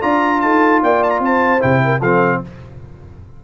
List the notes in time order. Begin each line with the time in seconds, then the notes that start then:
0.00 D4 F4 D5 A#5
0.41 D#4 A4 A5
0.83 A#3 D5 G5
1.03 A5
1.10 A#5
1.20 C4 C5 A5
1.60 C3 E4 G5
1.84 A#4
2.00 F3 C4 A4 F5